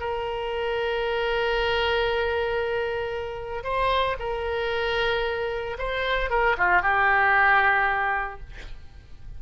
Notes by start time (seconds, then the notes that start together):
0.00 A#4
3.64 C5
4.20 A#4
5.78 C5
6.30 A#4
6.58 F4
6.82 G4